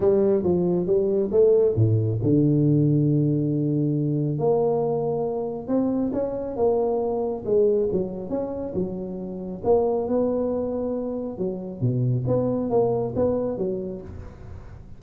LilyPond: \new Staff \with { instrumentName = "tuba" } { \time 4/4 \tempo 4 = 137 g4 f4 g4 a4 | a,4 d2.~ | d2 ais2~ | ais4 c'4 cis'4 ais4~ |
ais4 gis4 fis4 cis'4 | fis2 ais4 b4~ | b2 fis4 b,4 | b4 ais4 b4 fis4 | }